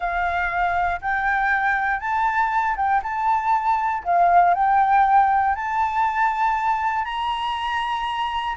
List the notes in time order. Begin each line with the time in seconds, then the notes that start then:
0.00 F5
1.01 G5
2.00 A5
2.76 G5
3.03 A5
4.04 F5
4.54 G5
5.55 A5
7.04 A#5